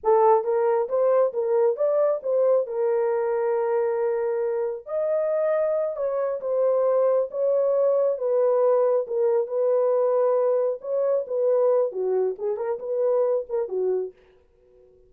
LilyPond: \new Staff \with { instrumentName = "horn" } { \time 4/4 \tempo 4 = 136 a'4 ais'4 c''4 ais'4 | d''4 c''4 ais'2~ | ais'2. dis''4~ | dis''4. cis''4 c''4.~ |
c''8 cis''2 b'4.~ | b'8 ais'4 b'2~ b'8~ | b'8 cis''4 b'4. fis'4 | gis'8 ais'8 b'4. ais'8 fis'4 | }